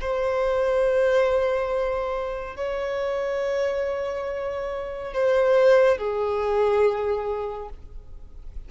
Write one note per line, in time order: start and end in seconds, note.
0.00 2.56 C5
2.56 5.13 C#5
5.13 5.97 C5
5.97 7.69 G#4